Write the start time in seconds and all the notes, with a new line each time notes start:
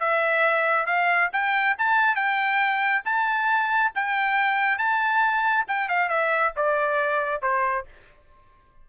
0.00 E5
0.86 F5
1.33 G5
1.78 A5
2.15 G5
3.05 A5
3.95 G5
4.78 A5
5.68 G5
5.89 F5
6.09 E5
6.56 D5
7.42 C5